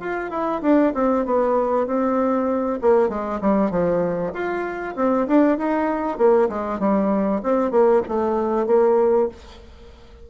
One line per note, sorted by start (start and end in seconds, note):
0.00 0.31 F4
0.31 0.62 E4
0.62 0.93 D4
0.94 1.25 C4
1.26 1.87 B3
1.87 2.80 C4
2.81 3.09 A#3
3.09 3.40 G#3
3.41 3.71 G3
3.71 4.33 F3
4.34 4.95 F4
4.96 5.27 C4
5.28 5.58 D4
5.58 6.18 D#4
6.18 6.49 A#3
6.49 6.80 G#3
6.80 7.42 G3
7.43 7.71 C4
7.71 8.02 A#3
8.08 8.67 A3
8.67 9.29 A#3